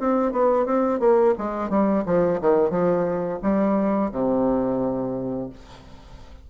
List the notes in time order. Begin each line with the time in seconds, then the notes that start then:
0.00 C4
0.33 B3
0.66 C4
1.00 A#3
1.38 G#3
1.70 G3
2.06 F3
2.41 D#3
2.71 F3
3.43 G3
4.12 C3